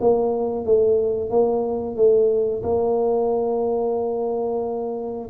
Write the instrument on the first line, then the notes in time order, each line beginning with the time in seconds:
tuba
0.00 A#3
0.65 A3
1.30 A#3
1.95 A3
2.62 A#3